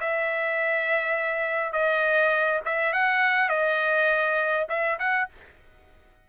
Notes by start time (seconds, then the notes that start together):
0.00 E5
1.72 D#5
2.65 E5
2.93 F#5
3.49 D#5
4.69 E5
4.99 F#5